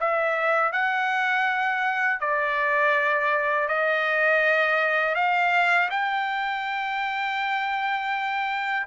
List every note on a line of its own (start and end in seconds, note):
0.00 0.72 E5
0.72 2.20 F#5
2.20 3.68 D5
3.68 5.15 D#5
5.15 5.89 F5
5.90 8.87 G5